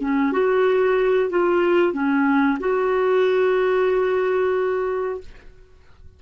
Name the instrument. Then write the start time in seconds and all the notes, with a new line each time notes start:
clarinet
0.00 C#4
0.32 F#4
1.30 F4
1.93 C#4
2.60 F#4